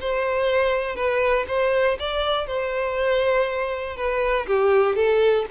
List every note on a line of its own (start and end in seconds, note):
0.00 0.95 C5
0.95 1.45 B4
1.47 1.97 C5
1.99 2.46 D5
2.46 3.96 C5
3.96 4.46 B4
4.46 4.95 G4
4.95 5.45 A4